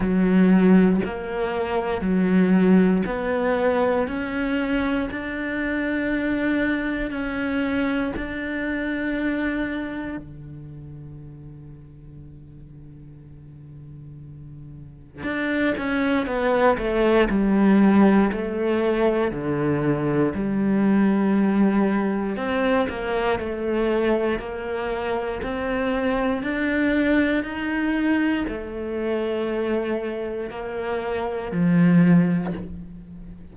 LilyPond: \new Staff \with { instrumentName = "cello" } { \time 4/4 \tempo 4 = 59 fis4 ais4 fis4 b4 | cis'4 d'2 cis'4 | d'2 d2~ | d2. d'8 cis'8 |
b8 a8 g4 a4 d4 | g2 c'8 ais8 a4 | ais4 c'4 d'4 dis'4 | a2 ais4 f4 | }